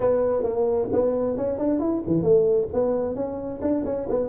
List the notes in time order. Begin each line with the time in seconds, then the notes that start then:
0.00 B3
0.43 A#3
0.92 B3
1.37 C#4
1.58 D4
1.79 E4
2.06 E3
2.22 A3
2.73 B3
3.15 C#4
3.61 D4
3.85 C#4
4.09 B3